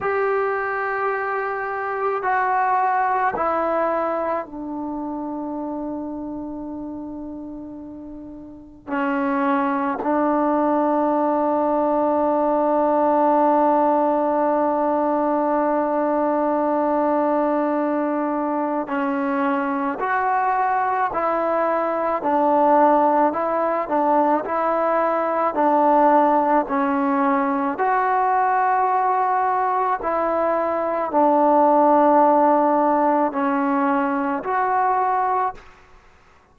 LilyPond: \new Staff \with { instrumentName = "trombone" } { \time 4/4 \tempo 4 = 54 g'2 fis'4 e'4 | d'1 | cis'4 d'2.~ | d'1~ |
d'4 cis'4 fis'4 e'4 | d'4 e'8 d'8 e'4 d'4 | cis'4 fis'2 e'4 | d'2 cis'4 fis'4 | }